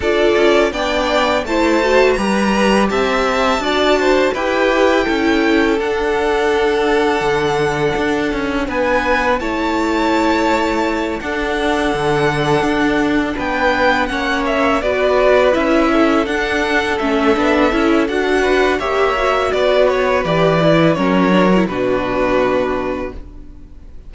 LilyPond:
<<
  \new Staff \with { instrumentName = "violin" } { \time 4/4 \tempo 4 = 83 d''4 g''4 a''4 ais''4 | a''2 g''2 | fis''1 | gis''4 a''2~ a''8 fis''8~ |
fis''2~ fis''8 g''4 fis''8 | e''8 d''4 e''4 fis''4 e''8~ | e''4 fis''4 e''4 d''8 cis''8 | d''4 cis''4 b'2 | }
  \new Staff \with { instrumentName = "violin" } { \time 4/4 a'4 d''4 c''4 b'4 | e''4 d''8 c''8 b'4 a'4~ | a'1 | b'4 cis''2~ cis''8 a'8~ |
a'2~ a'8 b'4 cis''8~ | cis''8 b'4. a'2~ | a'4. b'8 cis''4 b'4~ | b'4 ais'4 fis'2 | }
  \new Staff \with { instrumentName = "viola" } { \time 4/4 f'4 d'4 e'8 fis'8 g'4~ | g'4 fis'4 g'4 e'4 | d'1~ | d'4 e'2~ e'8 d'8~ |
d'2.~ d'8 cis'8~ | cis'8 fis'4 e'4 d'4 cis'8 | d'8 e'8 fis'4 g'8 fis'4. | g'8 e'8 cis'8 d'16 e'16 d'2 | }
  \new Staff \with { instrumentName = "cello" } { \time 4/4 d'8 cis'8 b4 a4 g4 | c'4 d'4 e'4 cis'4 | d'2 d4 d'8 cis'8 | b4 a2~ a8 d'8~ |
d'8 d4 d'4 b4 ais8~ | ais8 b4 cis'4 d'4 a8 | b8 cis'8 d'4 ais4 b4 | e4 fis4 b,2 | }
>>